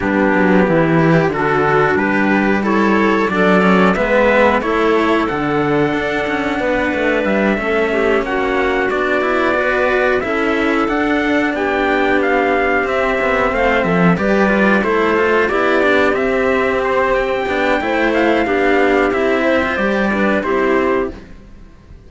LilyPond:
<<
  \new Staff \with { instrumentName = "trumpet" } { \time 4/4 \tempo 4 = 91 g'2 a'4 b'4 | cis''4 d''4 e''4 cis''4 | fis''2. e''4~ | e''8 fis''4 d''2 e''8~ |
e''8 fis''4 g''4 f''4 e''8~ | e''8 f''8 e''8 d''4 c''4 d''8~ | d''8 e''4 c''8 g''4. f''8~ | f''4 e''4 d''4 c''4 | }
  \new Staff \with { instrumentName = "clarinet" } { \time 4/4 d'4 e'4 d'2 | e'4 a'4 b'4 a'4~ | a'2 b'4. a'8 | g'8 fis'2 b'4 a'8~ |
a'4. g'2~ g'8~ | g'8 c''8 a'8 b'4 a'4 g'8~ | g'2. c''4 | g'4. c''4 b'8 g'4 | }
  \new Staff \with { instrumentName = "cello" } { \time 4/4 b4. g'8 fis'4 g'4 | a'4 d'8 cis'8 b4 e'4 | d'2.~ d'8 cis'8~ | cis'4. d'8 e'8 fis'4 e'8~ |
e'8 d'2. c'8~ | c'4. g'8 f'8 e'8 f'8 e'8 | d'8 c'2 d'8 e'4 | d'4 e'8. f'16 g'8 d'8 e'4 | }
  \new Staff \with { instrumentName = "cello" } { \time 4/4 g8 fis8 e4 d4 g4~ | g4 fis4 gis4 a4 | d4 d'8 cis'8 b8 a8 g8 a8~ | a8 ais4 b2 cis'8~ |
cis'8 d'4 b2 c'8 | b8 a8 f8 g4 a4 b8~ | b8 c'2 b8 a4 | b4 c'4 g4 c'4 | }
>>